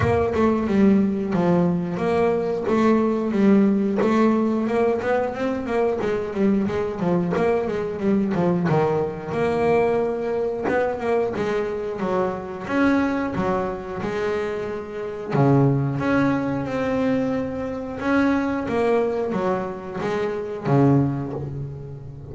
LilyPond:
\new Staff \with { instrumentName = "double bass" } { \time 4/4 \tempo 4 = 90 ais8 a8 g4 f4 ais4 | a4 g4 a4 ais8 b8 | c'8 ais8 gis8 g8 gis8 f8 ais8 gis8 | g8 f8 dis4 ais2 |
b8 ais8 gis4 fis4 cis'4 | fis4 gis2 cis4 | cis'4 c'2 cis'4 | ais4 fis4 gis4 cis4 | }